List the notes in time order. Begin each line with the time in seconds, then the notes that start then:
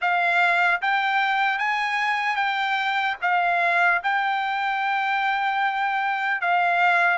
0.01 F5
0.81 G5
1.58 G#5
2.36 G5
3.21 F5
4.03 G5
6.41 F5